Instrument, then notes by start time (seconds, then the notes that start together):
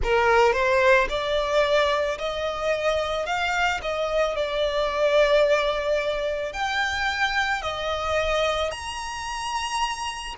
violin
0.03 A#4
0.53 C5
1.09 D5
2.18 D#5
3.25 F5
3.82 D#5
4.35 D5
6.53 G5
7.62 D#5
8.71 A#5